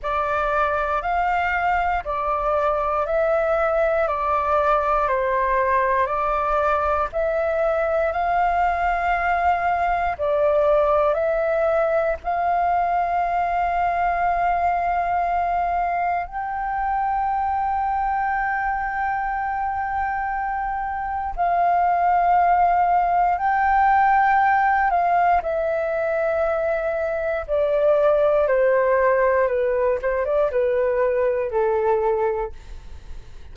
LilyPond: \new Staff \with { instrumentName = "flute" } { \time 4/4 \tempo 4 = 59 d''4 f''4 d''4 e''4 | d''4 c''4 d''4 e''4 | f''2 d''4 e''4 | f''1 |
g''1~ | g''4 f''2 g''4~ | g''8 f''8 e''2 d''4 | c''4 b'8 c''16 d''16 b'4 a'4 | }